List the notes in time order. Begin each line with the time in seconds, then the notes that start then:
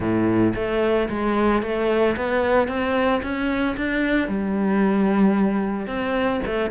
0.00 A2
0.55 A3
1.09 G#3
1.62 A3
2.16 B3
2.68 C4
3.22 C#4
3.76 D4
4.28 G3
5.86 C4
6.46 A3